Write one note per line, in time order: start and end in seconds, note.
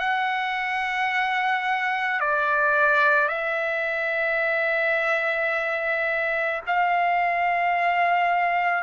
0.00 2.21 F#5
2.21 3.29 D5
3.29 6.62 E5
6.67 8.84 F5